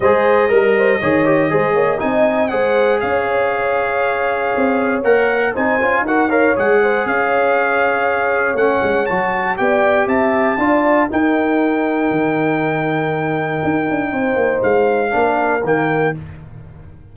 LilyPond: <<
  \new Staff \with { instrumentName = "trumpet" } { \time 4/4 \tempo 4 = 119 dis''1 | gis''4 fis''4 f''2~ | f''2 fis''4 gis''4 | fis''8 f''8 fis''4 f''2~ |
f''4 fis''4 a''4 g''4 | a''2 g''2~ | g''1~ | g''4 f''2 g''4 | }
  \new Staff \with { instrumentName = "horn" } { \time 4/4 c''4 ais'8 c''8 cis''4 c''8 cis''8 | dis''4 c''4 cis''2~ | cis''2. c''4 | ais'8 cis''4 c''8 cis''2~ |
cis''2. d''4 | e''4 d''4 ais'2~ | ais'1 | c''2 ais'2 | }
  \new Staff \with { instrumentName = "trombone" } { \time 4/4 gis'4 ais'4 gis'8 g'8 gis'4 | dis'4 gis'2.~ | gis'2 ais'4 dis'8 f'8 | fis'8 ais'8 gis'2.~ |
gis'4 cis'4 fis'4 g'4~ | g'4 f'4 dis'2~ | dis'1~ | dis'2 d'4 ais4 | }
  \new Staff \with { instrumentName = "tuba" } { \time 4/4 gis4 g4 dis4 gis8 ais8 | c'4 gis4 cis'2~ | cis'4 c'4 ais4 c'8 cis'8 | dis'4 gis4 cis'2~ |
cis'4 a8 gis8 fis4 b4 | c'4 d'4 dis'2 | dis2. dis'8 d'8 | c'8 ais8 gis4 ais4 dis4 | }
>>